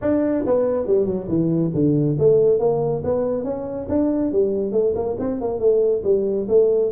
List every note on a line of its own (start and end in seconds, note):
0.01 0.45 D4
0.46 0.86 B3
0.86 1.05 G3
1.05 1.27 F#3
1.28 1.71 E3
1.74 2.17 D3
2.18 2.59 A3
2.59 3.02 A#3
3.04 3.44 B3
3.44 3.87 C#4
3.88 4.32 D4
4.32 4.72 G3
4.72 4.93 A3
4.95 5.16 A#3
5.19 5.40 C4
5.40 5.59 A#3
5.59 6.02 A3
6.04 6.47 G3
6.48 6.91 A3